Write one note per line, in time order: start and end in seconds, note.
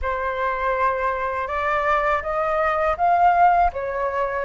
0.02 1.47 C5
1.47 2.22 D5
2.22 2.96 D#5
2.97 3.71 F5
3.72 4.45 C#5